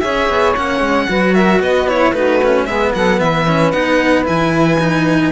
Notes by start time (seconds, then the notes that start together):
0.00 C#4 G#4 C#5 E5
0.29 B3
0.56 A#3 C#4 F#5
0.80 G#3
1.08 F#3 F#4 B4
1.34 A#4 E5
1.60 B3 B4 D#5
1.87 E4 C#5
2.12 A3 D#4 F#4 B4
2.43 C#4
2.65 G#3 B3 G#4 E5
2.94 F#3 A4 F#5
3.20 E3 B4 E5
3.47 C#4
3.71 B3 D#4 F#5
4.24 E3 E4 G#5
4.80 D#4